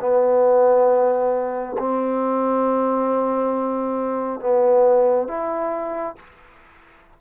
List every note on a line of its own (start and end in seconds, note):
0.00 1.76 B3
1.78 4.40 C4
4.40 5.28 B3
5.28 6.16 E4